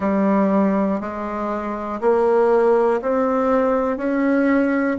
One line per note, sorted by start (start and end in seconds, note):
0.00 1.00 G3
1.00 2.00 G#3
2.00 3.00 A#3
3.01 3.97 C4
3.97 4.97 C#4